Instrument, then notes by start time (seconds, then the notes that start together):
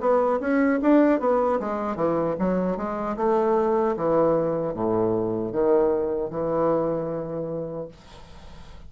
bassoon
0.00 B3
0.40 C#4
0.82 D4
1.19 B3
1.60 G#3
1.96 E3
2.39 F#3
2.77 G#3
3.17 A3
3.97 E3
4.74 A2
5.52 D#3
6.30 E3